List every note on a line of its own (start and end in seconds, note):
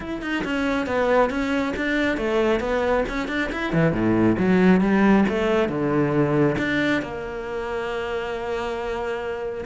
0.00 0.22 E4
0.22 0.44 D#4
0.44 0.86 C#4
0.86 1.29 B3
1.29 1.73 C#4
1.76 2.17 D4
2.17 2.60 A3
2.60 3.03 B3
3.08 3.28 C#4
3.28 3.50 D4
3.52 3.72 E4
3.72 3.92 E3
3.92 4.36 A2
4.38 4.81 F#3
4.81 5.24 G3
5.29 5.69 A3
5.69 6.56 D3
6.58 7.02 D4
7.02 9.64 A#3